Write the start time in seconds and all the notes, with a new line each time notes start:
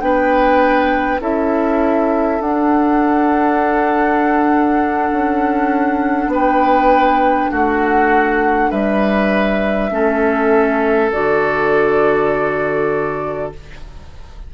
0.00 B3 D4 B4 G5
1.20 C#4 E4 A4 E5
2.40 D4 F#5
5.12 C#4
6.27 B3 B4
6.34 G5
7.51 A3 F#4 F#5
8.70 G3 B4 E5
9.90 A3 C#4 A4
11.12 D3 F#4 D5